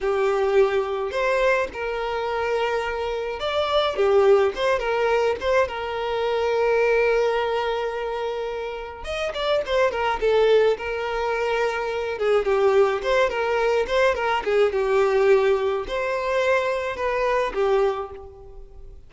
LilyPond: \new Staff \with { instrumentName = "violin" } { \time 4/4 \tempo 4 = 106 g'2 c''4 ais'4~ | ais'2 d''4 g'4 | c''8 ais'4 c''8 ais'2~ | ais'1 |
dis''8 d''8 c''8 ais'8 a'4 ais'4~ | ais'4. gis'8 g'4 c''8 ais'8~ | ais'8 c''8 ais'8 gis'8 g'2 | c''2 b'4 g'4 | }